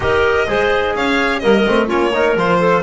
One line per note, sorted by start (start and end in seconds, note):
0.00 0.46 D#4
0.00 0.46 G4
0.00 0.48 A#4
0.00 0.96 D#5
0.47 0.94 G#3
0.47 1.41 G#4
0.47 0.95 C5
0.94 1.42 C#4
0.94 1.42 C#5
0.94 1.39 F5
1.39 1.67 G3
1.39 1.66 A#3
1.39 1.87 A#4
1.39 1.86 D#5
1.66 1.90 A3
1.66 1.87 C4
1.87 2.35 A#3
1.87 2.11 C#4
1.87 2.10 F4
1.87 2.37 C#5
2.13 2.37 D#4
2.13 2.59 A#4
2.35 2.82 F3
2.35 2.82 F4
2.35 2.82 C5
2.59 2.82 A4